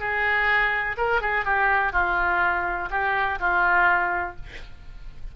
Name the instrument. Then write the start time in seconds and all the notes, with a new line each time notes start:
oboe
0.00 G#4
0.98 A#4
1.22 G#4
1.45 G4
1.93 F4
2.91 G4
3.40 F4